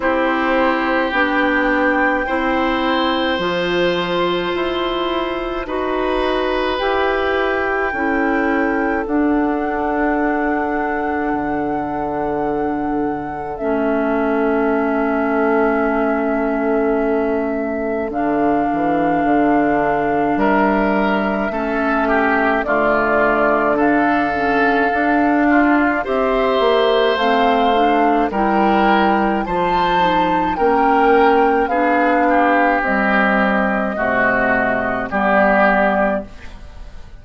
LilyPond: <<
  \new Staff \with { instrumentName = "flute" } { \time 4/4 \tempo 4 = 53 c''4 g''2 a''4~ | a''2 g''2 | fis''1 | e''1 |
f''2 e''2 | d''4 f''2 e''4 | f''4 g''4 a''4 g''4 | f''4 dis''2 d''4 | }
  \new Staff \with { instrumentName = "oboe" } { \time 4/4 g'2 c''2~ | c''4 b'2 a'4~ | a'1~ | a'1~ |
a'2 ais'4 a'8 g'8 | f'4 a'4. f'8 c''4~ | c''4 ais'4 c''4 ais'4 | gis'8 g'4. fis'4 g'4 | }
  \new Staff \with { instrumentName = "clarinet" } { \time 4/4 e'4 d'4 e'4 f'4~ | f'4 fis'4 g'4 e'4 | d'1 | cis'1 |
d'2. cis'4 | a4 d'8 cis'8 d'4 g'4 | c'8 d'8 e'4 f'8 dis'8 cis'4 | d'4 g4 a4 b4 | }
  \new Staff \with { instrumentName = "bassoon" } { \time 4/4 c'4 b4 c'4 f4 | e'4 dis'4 e'4 cis'4 | d'2 d2 | a1 |
d8 e8 d4 g4 a4 | d2 d'4 c'8 ais8 | a4 g4 f4 ais4 | b4 c'4 c4 g4 | }
>>